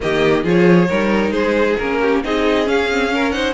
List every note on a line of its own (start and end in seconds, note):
0.00 0.44 D#3
0.00 0.43 A#3
0.00 0.43 G4
0.00 0.46 D#5
0.43 0.89 F3
0.43 0.87 F4
0.43 0.88 G#4
0.43 1.31 C#5
0.88 1.31 G3
0.88 1.78 D#4
0.88 1.32 A#4
1.31 1.75 G#3
1.31 1.99 G#4
1.31 1.76 C5
1.77 2.24 A#3
1.77 2.24 C#4
1.77 2.22 A#4
2.01 2.23 G4
2.24 2.68 C4
2.24 2.65 D#4
2.24 3.13 G#4
2.24 2.68 D#5
2.65 2.87 C#4
2.65 3.54 C#4
2.65 3.31 F5
2.91 3.09 C4
3.09 3.32 C#4
3.09 3.33 A#4
3.31 3.54 D#4
3.31 3.54 C5
3.31 3.53 F#5